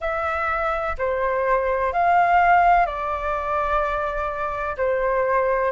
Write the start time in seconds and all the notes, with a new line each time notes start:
0.00 E5
0.98 C5
1.93 F5
2.86 D5
4.77 C5